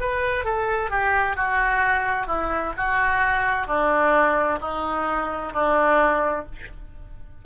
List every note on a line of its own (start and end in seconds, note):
0.00 0.44 B4
0.44 0.90 A4
0.90 1.36 G4
1.36 2.27 F#4
2.27 2.73 E4
2.77 3.67 F#4
3.67 4.59 D4
4.60 5.53 D#4
5.53 6.45 D4